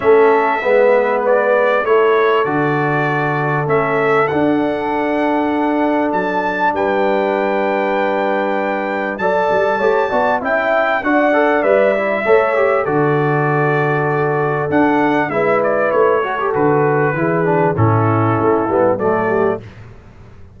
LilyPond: <<
  \new Staff \with { instrumentName = "trumpet" } { \time 4/4 \tempo 4 = 98 e''2 d''4 cis''4 | d''2 e''4 fis''4~ | fis''2 a''4 g''4~ | g''2. a''4~ |
a''4 g''4 fis''4 e''4~ | e''4 d''2. | fis''4 e''8 d''8 cis''4 b'4~ | b'4 a'2 d''4 | }
  \new Staff \with { instrumentName = "horn" } { \time 4/4 a'4 b'2 a'4~ | a'1~ | a'2. b'4~ | b'2. d''4 |
cis''8 d''8 e''4 d''2 | cis''4 a'2.~ | a'4 b'4. a'4. | gis'4 e'2 a'8 g'8 | }
  \new Staff \with { instrumentName = "trombone" } { \time 4/4 cis'4 b2 e'4 | fis'2 cis'4 d'4~ | d'1~ | d'2. a'4 |
g'8 fis'8 e'4 fis'8 a'8 b'8 e'8 | a'8 g'8 fis'2. | d'4 e'4. fis'16 g'16 fis'4 | e'8 d'8 cis'4. b8 a4 | }
  \new Staff \with { instrumentName = "tuba" } { \time 4/4 a4 gis2 a4 | d2 a4 d'4~ | d'2 fis4 g4~ | g2. fis8 g8 |
a8 b8 cis'4 d'4 g4 | a4 d2. | d'4 gis4 a4 d4 | e4 a,4 a8 g8 fis4 | }
>>